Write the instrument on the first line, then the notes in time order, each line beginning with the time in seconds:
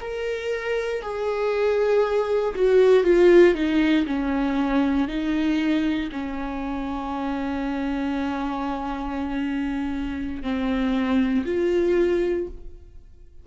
viola
0.00 A#4
1.02 G#4
2.55 F#4
3.03 F4
3.54 D#4
4.06 C#4
5.08 D#4
6.12 C#4
10.42 C4
11.45 F4